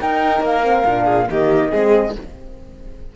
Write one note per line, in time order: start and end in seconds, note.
0.00 0.63 D#4
0.00 0.41 D#4
0.00 1.04 A#4
0.00 0.44 G5
0.41 0.83 A#3
0.41 1.30 F5
0.63 0.84 C4
0.85 1.28 A#2
0.85 1.27 D4
1.04 1.26 G#4
1.27 1.73 D#3
1.27 1.70 A#3
1.27 1.71 G4
1.27 2.16 D#5
1.71 2.16 G#3
1.71 2.13 C4
1.71 2.14 G#4